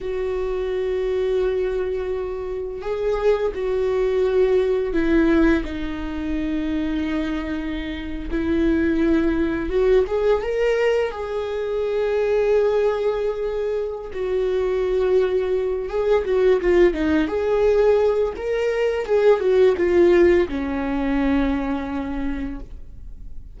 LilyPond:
\new Staff \with { instrumentName = "viola" } { \time 4/4 \tempo 4 = 85 fis'1 | gis'4 fis'2 e'4 | dis'2.~ dis'8. e'16~ | e'4.~ e'16 fis'8 gis'8 ais'4 gis'16~ |
gis'1 | fis'2~ fis'8 gis'8 fis'8 f'8 | dis'8 gis'4. ais'4 gis'8 fis'8 | f'4 cis'2. | }